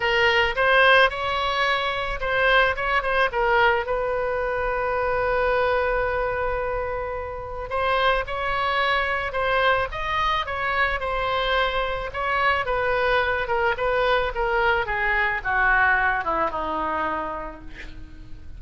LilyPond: \new Staff \with { instrumentName = "oboe" } { \time 4/4 \tempo 4 = 109 ais'4 c''4 cis''2 | c''4 cis''8 c''8 ais'4 b'4~ | b'1~ | b'2 c''4 cis''4~ |
cis''4 c''4 dis''4 cis''4 | c''2 cis''4 b'4~ | b'8 ais'8 b'4 ais'4 gis'4 | fis'4. e'8 dis'2 | }